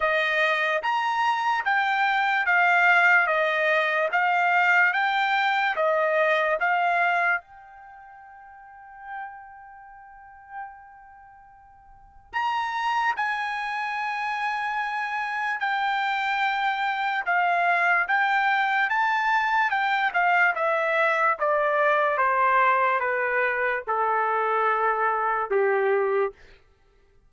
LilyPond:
\new Staff \with { instrumentName = "trumpet" } { \time 4/4 \tempo 4 = 73 dis''4 ais''4 g''4 f''4 | dis''4 f''4 g''4 dis''4 | f''4 g''2.~ | g''2. ais''4 |
gis''2. g''4~ | g''4 f''4 g''4 a''4 | g''8 f''8 e''4 d''4 c''4 | b'4 a'2 g'4 | }